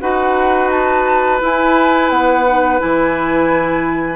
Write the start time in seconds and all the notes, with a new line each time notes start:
0.00 D#4 F#4 B4 F#5
0.71 A5
1.40 E4 G#5
2.10 B3 F#5
2.47 D#4
2.79 E3 E4 G#5